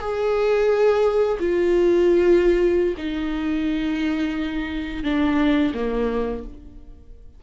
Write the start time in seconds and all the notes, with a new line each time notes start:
0.00 G#4
1.40 F4
2.97 D#4
5.04 D4
5.74 A#3